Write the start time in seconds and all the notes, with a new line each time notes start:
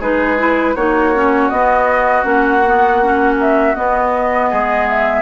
0.00 G#3 D#4 G#4 B4
0.38 E4
0.75 A#3 D#4 F#4 C#5
1.15 C#4
1.49 B3 D#5
2.24 A#3 C#4 F#5
2.67 B3
3.03 C#4
3.41 E5
3.75 B3 D#5
4.50 G#3 G#4
4.89 E5